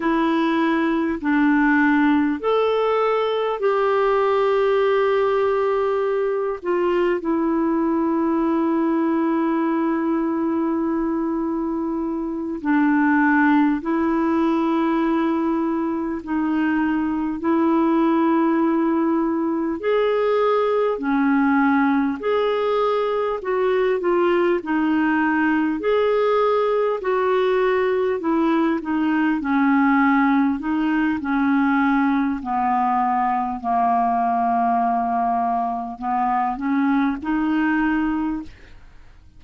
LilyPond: \new Staff \with { instrumentName = "clarinet" } { \time 4/4 \tempo 4 = 50 e'4 d'4 a'4 g'4~ | g'4. f'8 e'2~ | e'2~ e'8 d'4 e'8~ | e'4. dis'4 e'4.~ |
e'8 gis'4 cis'4 gis'4 fis'8 | f'8 dis'4 gis'4 fis'4 e'8 | dis'8 cis'4 dis'8 cis'4 b4 | ais2 b8 cis'8 dis'4 | }